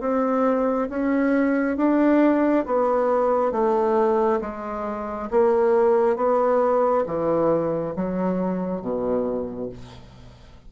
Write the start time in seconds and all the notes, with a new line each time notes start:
0.00 C4
0.89 C#4
1.76 D4
2.66 B3
3.51 A3
4.41 G#3
5.30 A#3
6.16 B3
7.06 E3
7.95 F#3
8.81 B2